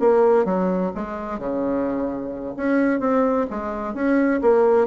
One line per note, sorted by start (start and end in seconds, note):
0.00 0.45 A#3
0.45 0.92 F#3
0.95 1.39 G#3
1.39 2.55 C#3
2.57 3.00 C#4
3.00 3.47 C4
3.51 3.95 G#3
3.95 4.41 C#4
4.42 4.87 A#3